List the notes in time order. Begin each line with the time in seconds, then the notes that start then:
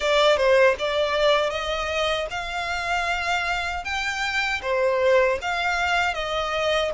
0.00 D5
0.36 C5
0.78 D5
1.50 D#5
2.30 F5
3.84 G5
4.62 C5
5.41 F5
6.14 D#5